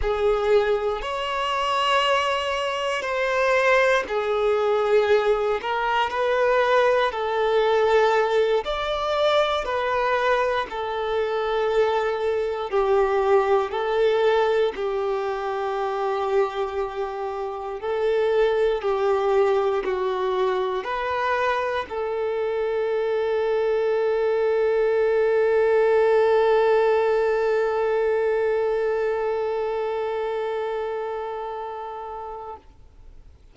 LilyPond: \new Staff \with { instrumentName = "violin" } { \time 4/4 \tempo 4 = 59 gis'4 cis''2 c''4 | gis'4. ais'8 b'4 a'4~ | a'8 d''4 b'4 a'4.~ | a'8 g'4 a'4 g'4.~ |
g'4. a'4 g'4 fis'8~ | fis'8 b'4 a'2~ a'8~ | a'1~ | a'1 | }